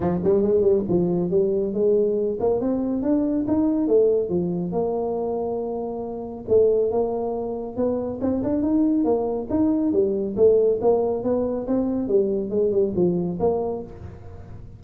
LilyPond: \new Staff \with { instrumentName = "tuba" } { \time 4/4 \tempo 4 = 139 f8 g8 gis8 g8 f4 g4 | gis4. ais8 c'4 d'4 | dis'4 a4 f4 ais4~ | ais2. a4 |
ais2 b4 c'8 d'8 | dis'4 ais4 dis'4 g4 | a4 ais4 b4 c'4 | g4 gis8 g8 f4 ais4 | }